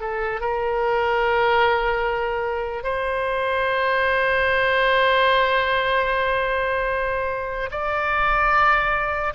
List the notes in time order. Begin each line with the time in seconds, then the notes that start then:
0.00 A4
0.41 A#4
2.83 C5
7.71 D5